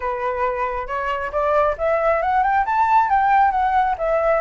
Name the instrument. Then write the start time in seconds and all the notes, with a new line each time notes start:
flute
0.00 B4
0.87 C#5
1.32 D5
1.78 E5
2.22 F#5
2.43 G5
2.65 A5
3.09 G5
3.51 F#5
3.98 E5